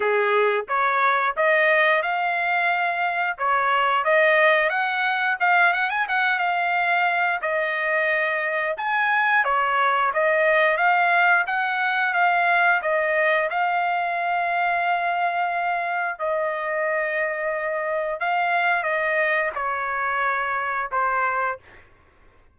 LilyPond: \new Staff \with { instrumentName = "trumpet" } { \time 4/4 \tempo 4 = 89 gis'4 cis''4 dis''4 f''4~ | f''4 cis''4 dis''4 fis''4 | f''8 fis''16 gis''16 fis''8 f''4. dis''4~ | dis''4 gis''4 cis''4 dis''4 |
f''4 fis''4 f''4 dis''4 | f''1 | dis''2. f''4 | dis''4 cis''2 c''4 | }